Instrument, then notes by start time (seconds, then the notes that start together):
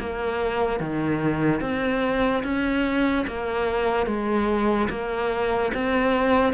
cello
0.00 A#3
0.80 D#3
1.61 C4
2.44 C#4
3.28 A#3
4.06 G#3
4.90 A#3
5.75 C4